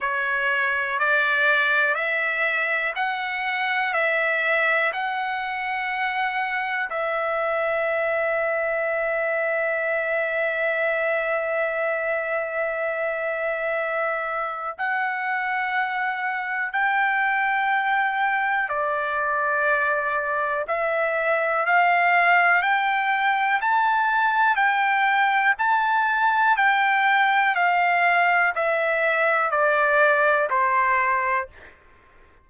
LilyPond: \new Staff \with { instrumentName = "trumpet" } { \time 4/4 \tempo 4 = 61 cis''4 d''4 e''4 fis''4 | e''4 fis''2 e''4~ | e''1~ | e''2. fis''4~ |
fis''4 g''2 d''4~ | d''4 e''4 f''4 g''4 | a''4 g''4 a''4 g''4 | f''4 e''4 d''4 c''4 | }